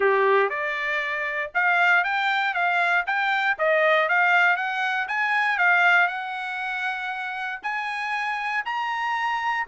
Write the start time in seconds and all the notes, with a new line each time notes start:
0.00 G4
0.49 D5
1.54 F5
2.04 G5
2.54 F5
3.06 G5
3.58 D#5
4.09 F5
4.56 F#5
5.07 G#5
5.58 F5
6.07 F#5
7.62 G#5
8.65 A#5